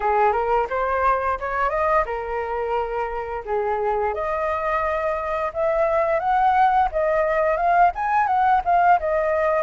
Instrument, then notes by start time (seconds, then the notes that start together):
flute
0.00 G#4
0.32 A#4
0.69 C5
1.39 C#5
1.69 D#5
2.05 A#4
3.45 G#4
4.13 D#5
5.53 E5
6.19 F#5
6.91 D#5
7.56 F5
7.95 G#5
8.26 F#5
8.64 F5
8.99 D#5